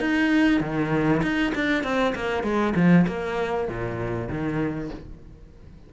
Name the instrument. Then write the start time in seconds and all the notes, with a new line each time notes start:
cello
0.00 D#4
0.61 D#3
1.22 D#4
1.55 D4
1.84 C4
2.15 A#3
2.43 G#3
2.76 F3
3.07 A#3
3.68 A#2
4.29 D#3